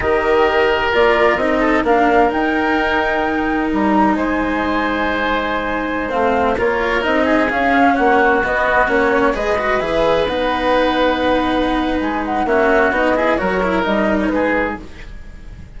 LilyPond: <<
  \new Staff \with { instrumentName = "flute" } { \time 4/4 \tempo 4 = 130 dis''2 d''4 dis''4 | f''4 g''2. | ais''4 gis''2.~ | gis''4~ gis''16 f''4 cis''4 dis''8.~ |
dis''16 f''4 fis''4 dis''4 cis''8.~ | cis''16 dis''4 e''4 fis''4.~ fis''16~ | fis''2 gis''8 fis''8 e''4 | dis''4 cis''4 dis''8. cis''16 b'4 | }
  \new Staff \with { instrumentName = "oboe" } { \time 4/4 ais'2.~ ais'8 a'8 | ais'1~ | ais'4 c''2.~ | c''2~ c''16 ais'4. gis'16~ |
gis'4~ gis'16 fis'2~ fis'8.~ | fis'16 b'2.~ b'8.~ | b'2. fis'4~ | fis'8 gis'8 ais'2 gis'4 | }
  \new Staff \with { instrumentName = "cello" } { \time 4/4 g'2 f'4 dis'4 | d'4 dis'2.~ | dis'1~ | dis'4~ dis'16 c'4 f'4 dis'8.~ |
dis'16 cis'2 b4 cis'8.~ | cis'16 gis'8 fis'8 gis'4 dis'4.~ dis'16~ | dis'2. cis'4 | dis'8 e'8 fis'8 e'8 dis'2 | }
  \new Staff \with { instrumentName = "bassoon" } { \time 4/4 dis2 ais4 c'4 | ais4 dis'2. | g4 gis2.~ | gis4~ gis16 a4 ais4 c'8.~ |
c'16 cis'4 ais4 b4 ais8.~ | ais16 gis4 e4 b4.~ b16~ | b2 gis4 ais4 | b4 fis4 g4 gis4 | }
>>